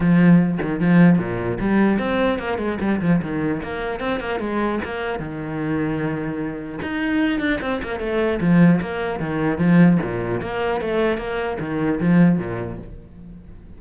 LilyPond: \new Staff \with { instrumentName = "cello" } { \time 4/4 \tempo 4 = 150 f4. dis8 f4 ais,4 | g4 c'4 ais8 gis8 g8 f8 | dis4 ais4 c'8 ais8 gis4 | ais4 dis2.~ |
dis4 dis'4. d'8 c'8 ais8 | a4 f4 ais4 dis4 | f4 ais,4 ais4 a4 | ais4 dis4 f4 ais,4 | }